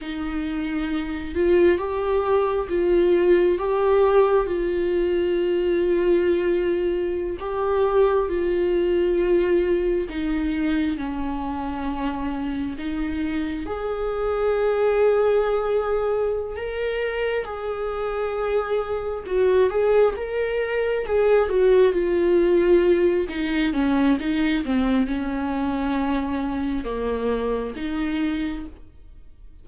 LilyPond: \new Staff \with { instrumentName = "viola" } { \time 4/4 \tempo 4 = 67 dis'4. f'8 g'4 f'4 | g'4 f'2.~ | f'16 g'4 f'2 dis'8.~ | dis'16 cis'2 dis'4 gis'8.~ |
gis'2~ gis'8 ais'4 gis'8~ | gis'4. fis'8 gis'8 ais'4 gis'8 | fis'8 f'4. dis'8 cis'8 dis'8 c'8 | cis'2 ais4 dis'4 | }